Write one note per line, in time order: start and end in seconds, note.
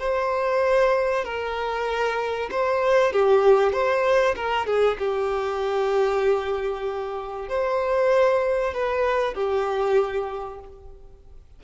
0.00 1.25 C5
1.25 2.50 A#4
2.51 3.13 C5
3.13 3.73 G4
3.73 4.36 C5
4.36 4.67 A#4
4.67 4.98 G#4
4.99 7.49 G4
7.49 8.74 C5
8.74 9.35 B4
9.35 10.60 G4